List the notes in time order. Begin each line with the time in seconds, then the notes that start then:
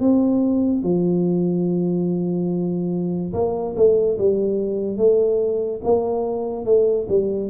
0.00 C4
0.83 F3
3.33 A#3
3.76 A3
4.18 G3
4.97 A3
5.84 A#3
6.65 A3
7.09 G3